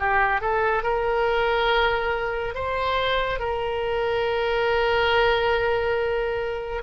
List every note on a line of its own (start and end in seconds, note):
0.00 0.41 G4
0.41 0.83 A4
0.83 2.55 A#4
2.55 3.40 C5
3.40 6.83 A#4